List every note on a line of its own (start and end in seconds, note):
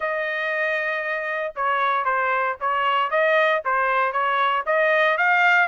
0.00 1.53 D#5
1.55 2.04 C#5
2.04 2.56 C5
2.60 3.10 C#5
3.10 3.62 D#5
3.65 4.12 C5
4.12 4.64 C#5
4.66 5.17 D#5
5.17 5.68 F5